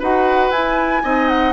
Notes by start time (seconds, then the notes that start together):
0.00 D#4 F#4 B4 F#5
0.51 E4 G#5
1.04 C4 D#4 D#5
1.29 F#5